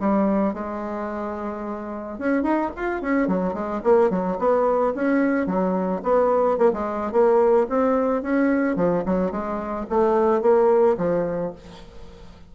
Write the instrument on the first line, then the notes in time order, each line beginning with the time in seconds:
bassoon
0.00 G3
0.54 G#3
2.19 C#4
2.43 D#4
2.76 F4
3.02 C#4
3.28 F#3
3.54 G#3
3.84 A#3
4.10 F#3
4.39 B3
4.95 C#4
5.46 F#3
6.03 B3
6.58 A#3
6.73 G#3
7.12 A#3
7.69 C4
8.23 C#4
8.76 F3
9.06 F#3
9.31 G#3
9.90 A3
10.42 A#3
10.98 F3